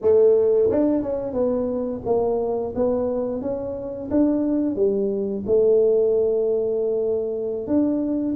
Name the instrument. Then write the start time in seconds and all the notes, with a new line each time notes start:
tuba
0.01 A3
0.70 D4
1.02 C#4
1.33 B3
2.05 A#3
2.75 B3
3.41 C#4
4.11 D4
4.75 G3
5.46 A3
7.67 D4